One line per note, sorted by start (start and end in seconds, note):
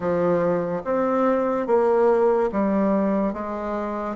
0.00 0.82 F3
0.84 1.66 C4
1.66 2.50 A#3
2.52 3.33 G3
3.33 4.16 G#3